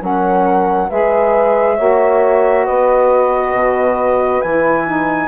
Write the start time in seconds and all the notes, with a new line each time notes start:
0.00 F#3 C#4 A#4 F#5
0.89 G#3 G#4 B4 E5
1.77 A#3 F#4 C#5
2.65 B3 B4 D#5
3.53 B2
4.42 E3 E4 G#5
4.87 D#4